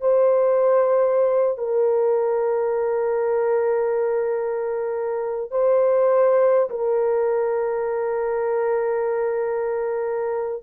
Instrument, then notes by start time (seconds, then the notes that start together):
horn
0.00 C5
1.57 A#4
5.50 C5
6.70 A#4